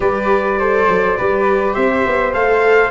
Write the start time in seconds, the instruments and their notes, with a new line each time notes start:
0.00 tuba G3, viola G4, flute B4, trumpet D5
0.58 viola A4, flute C5
0.88 tuba F#3
1.17 tuba G3, viola G4, flute B4
1.74 tuba C4, flute C5, trumpet E5
2.06 tuba B3
2.33 tuba A3, viola A4, trumpet F5